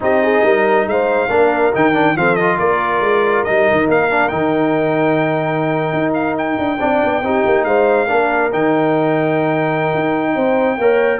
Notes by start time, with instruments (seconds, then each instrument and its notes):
0.00 tuba C4, trombone D#4, horn G4, trumpet D#5
0.23 horn G#4
0.43 tuba G3, horn A#4
0.86 tuba G#3, horn C5, trumpet F5
1.28 tuba A#3, trombone D4, horn A#4
1.72 tuba D#3, trombone D#4, trumpet G5
1.93 trombone D4
2.15 tuba F3, trombone C4, horn A4, trumpet F5
2.35 trombone F4, trumpet D#5
2.57 tuba A#3, horn A#4, trumpet D5
3.00 tuba G#3
3.43 tuba G3, trombone D#4, trumpet D#5
3.71 tuba D#3
3.88 tuba A#3, trumpet F5
4.10 trombone D4
4.28 tuba D#3, trombone D#4, trumpet G5
5.92 tuba D#4
6.13 trumpet F5
6.37 trumpet G5
6.58 tuba D4
6.79 tuba C4, trombone D4, horn D5
7.04 tuba B3
7.21 tuba C4, trombone D#4, horn G4
7.45 tuba A#3
7.64 tuba G#3, horn C5, trumpet F5
8.06 tuba A#3, trombone D4, horn A#4
8.52 tuba D#3, trombone D#4, trumpet G5
9.94 tuba D#4
10.35 tuba C4, horn C5
10.77 tuba A#3, trombone A#4, horn C#5